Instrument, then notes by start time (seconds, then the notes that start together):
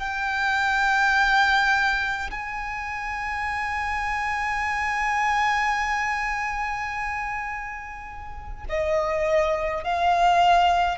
violin
0.00 G5
2.31 G#5
8.70 D#5
9.84 F5